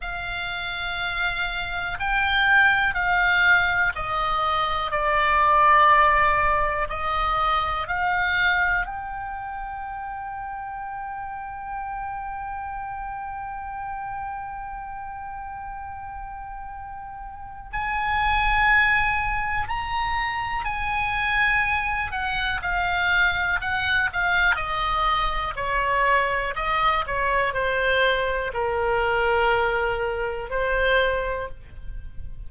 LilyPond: \new Staff \with { instrumentName = "oboe" } { \time 4/4 \tempo 4 = 61 f''2 g''4 f''4 | dis''4 d''2 dis''4 | f''4 g''2.~ | g''1~ |
g''2 gis''2 | ais''4 gis''4. fis''8 f''4 | fis''8 f''8 dis''4 cis''4 dis''8 cis''8 | c''4 ais'2 c''4 | }